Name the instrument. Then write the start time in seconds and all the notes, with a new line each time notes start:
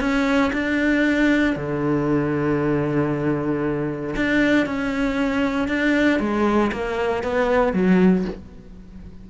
cello
0.00 C#4
0.53 D4
1.56 D3
4.16 D4
4.66 C#4
5.68 D4
6.20 G#3
6.72 A#3
7.23 B3
7.73 F#3